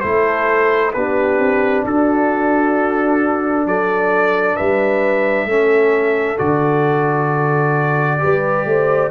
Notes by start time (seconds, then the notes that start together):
0.00 A3 E4 A4 C5
0.93 B3 D4 G4 B4
1.38 C4
1.84 D4 F#4 A4
3.66 F#3 A4 D5
4.55 G3 B4 E5
5.45 A3 C#4 A4
6.37 D3 F#4 D5
8.19 G3 G4 B4
8.65 A3 C5